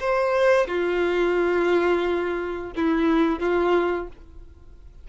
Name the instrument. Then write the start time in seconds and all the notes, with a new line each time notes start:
violin
0.00 C5
0.67 F4
2.76 E4
3.40 F4